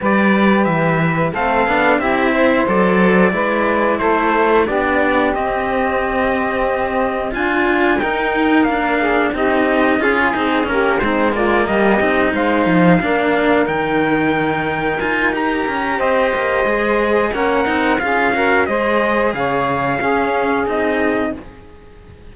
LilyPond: <<
  \new Staff \with { instrumentName = "trumpet" } { \time 4/4 \tempo 4 = 90 d''4 e''4 f''4 e''4 | d''2 c''4 d''4 | dis''2. gis''4 | g''4 f''4 dis''4 gis'4 |
ais'8 c''8 d''8 dis''4 f''4.~ | f''8 g''2 gis''8 ais''4 | dis''2 fis''4 f''4 | dis''4 f''2 dis''4 | }
  \new Staff \with { instrumentName = "saxophone" } { \time 4/4 b'2 a'4 g'8 c''8~ | c''4 b'4 a'4 g'4~ | g'2. f'4 | ais'4. gis'8 g'4 gis'4 |
g'8 dis'8 f'8 g'4 c''4 ais'8~ | ais'1 | c''2 ais'4 gis'8 ais'8 | c''4 cis''4 gis'2 | }
  \new Staff \with { instrumentName = "cello" } { \time 4/4 g'2 c'8 d'8 e'4 | a'4 e'2 d'4 | c'2. f'4 | dis'4 d'4 dis'4 f'8 dis'8 |
cis'8 c'8 ais4 dis'4. d'8~ | d'8 dis'2 f'8 g'4~ | g'4 gis'4 cis'8 dis'8 f'8 fis'8 | gis'2 cis'4 dis'4 | }
  \new Staff \with { instrumentName = "cello" } { \time 4/4 g4 e4 a8 b8 c'4 | fis4 gis4 a4 b4 | c'2. d'4 | dis'4 ais4 c'4 cis'8 c'8 |
ais8 gis4 g8 c'8 gis8 f8 ais8~ | ais8 dis2 dis'4 cis'8 | c'8 ais8 gis4 ais8 c'8 cis'4 | gis4 cis4 cis'4 c'4 | }
>>